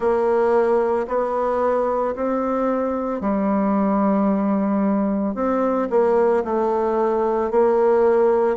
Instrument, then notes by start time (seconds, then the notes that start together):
bassoon
0.00 A#3
1.07 B3
2.15 C4
3.20 G3
5.35 C4
5.89 A#3
6.44 A3
7.50 A#3